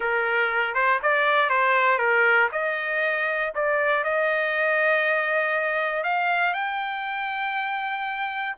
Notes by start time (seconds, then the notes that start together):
0.00 A#4
0.74 C5
1.02 D5
1.49 C5
1.98 A#4
2.52 D#5
3.54 D5
4.04 D#5
6.03 F5
6.53 G5